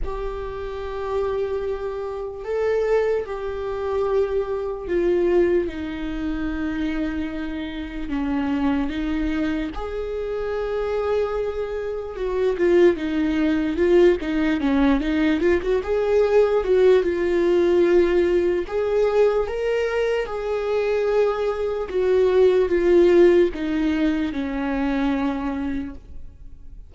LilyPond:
\new Staff \with { instrumentName = "viola" } { \time 4/4 \tempo 4 = 74 g'2. a'4 | g'2 f'4 dis'4~ | dis'2 cis'4 dis'4 | gis'2. fis'8 f'8 |
dis'4 f'8 dis'8 cis'8 dis'8 f'16 fis'16 gis'8~ | gis'8 fis'8 f'2 gis'4 | ais'4 gis'2 fis'4 | f'4 dis'4 cis'2 | }